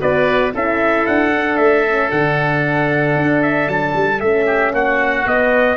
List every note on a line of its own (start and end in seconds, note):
0.00 0.55 B3
0.00 0.53 F#4
0.00 0.54 B4
0.00 0.54 D5
0.54 1.07 C#4
0.54 1.33 E4
0.54 4.46 A4
0.54 1.07 E5
1.07 1.59 D4
1.07 1.57 F#5
1.35 1.88 D4
1.57 2.11 A3
1.57 2.10 E5
1.88 2.09 C#4
2.09 3.16 D3
2.09 4.19 D4
2.09 3.43 F#5
3.16 3.68 D4
3.43 3.69 E5
3.68 3.95 F#3
3.68 4.21 A5
3.96 4.22 G3
4.21 4.73 A3
4.21 5.26 C#4
4.21 4.73 E5
4.46 4.72 G4
4.73 5.26 A#3
4.73 5.77 F#4
4.73 5.28 F#5
5.26 5.77 B3
5.26 5.77 D#5